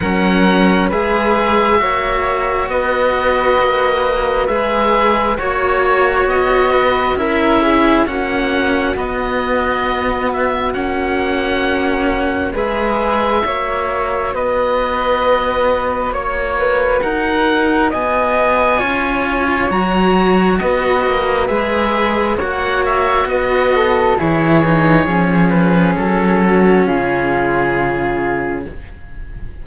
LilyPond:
<<
  \new Staff \with { instrumentName = "oboe" } { \time 4/4 \tempo 4 = 67 fis''4 e''2 dis''4~ | dis''4 e''4 cis''4 dis''4 | e''4 fis''4 dis''4. e''8 | fis''2 e''2 |
dis''2 cis''4 fis''4 | gis''2 ais''4 dis''4 | e''4 fis''8 e''8 dis''4 cis''4~ | cis''8 b'8 a'4 gis'2 | }
  \new Staff \with { instrumentName = "flute" } { \time 4/4 ais'4 b'4 cis''4 b'4~ | b'2 cis''4. b'8 | ais'8 gis'8 fis'2.~ | fis'2 b'4 cis''4 |
b'2 cis''8 b'8 ais'4 | dis''4 cis''2 b'4~ | b'4 cis''4 b'8 a'8 gis'4~ | gis'4. fis'8 f'2 | }
  \new Staff \with { instrumentName = "cello" } { \time 4/4 cis'4 gis'4 fis'2~ | fis'4 gis'4 fis'2 | e'4 cis'4 b2 | cis'2 gis'4 fis'4~ |
fis'1~ | fis'4 f'4 fis'2 | gis'4 fis'2 e'8 dis'8 | cis'1 | }
  \new Staff \with { instrumentName = "cello" } { \time 4/4 fis4 gis4 ais4 b4 | ais4 gis4 ais4 b4 | cis'4 ais4 b2 | ais2 gis4 ais4 |
b2 ais4 dis'4 | b4 cis'4 fis4 b8 ais8 | gis4 ais4 b4 e4 | f4 fis4 cis2 | }
>>